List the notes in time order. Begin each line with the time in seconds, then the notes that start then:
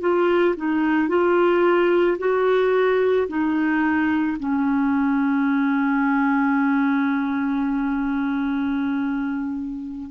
0.00 F4
0.56 D#4
1.08 F4
2.18 F#4
3.28 D#4
4.39 C#4